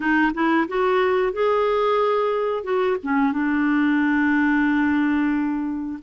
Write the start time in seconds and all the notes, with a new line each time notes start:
0.00 D#4
0.34 E4
0.68 F#4
1.32 G#4
2.63 F#4
3.03 C#4
3.32 D4